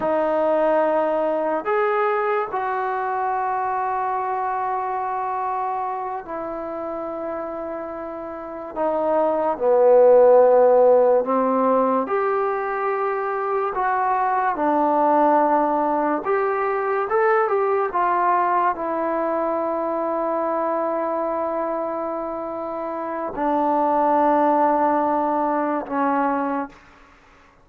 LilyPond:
\new Staff \with { instrumentName = "trombone" } { \time 4/4 \tempo 4 = 72 dis'2 gis'4 fis'4~ | fis'2.~ fis'8 e'8~ | e'2~ e'8 dis'4 b8~ | b4. c'4 g'4.~ |
g'8 fis'4 d'2 g'8~ | g'8 a'8 g'8 f'4 e'4.~ | e'1 | d'2. cis'4 | }